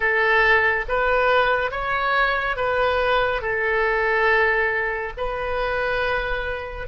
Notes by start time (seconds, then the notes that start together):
0.00 A4
0.88 B4
1.71 C#5
2.56 B4
3.41 A4
5.17 B4